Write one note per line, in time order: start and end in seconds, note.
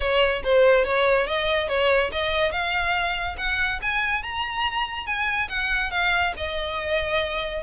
0.00 0.42 C#5
0.43 0.85 C5
0.85 1.26 C#5
1.26 1.68 D#5
1.68 2.10 C#5
2.12 2.51 D#5
2.51 3.36 F5
3.37 3.80 F#5
3.82 4.23 G#5
4.23 5.06 A#5
5.06 5.48 G#5
5.48 5.91 F#5
5.91 6.33 F5
6.36 7.62 D#5